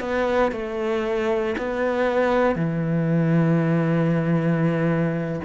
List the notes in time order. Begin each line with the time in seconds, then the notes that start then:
0.00 B3
0.52 A3
1.58 B3
2.56 E3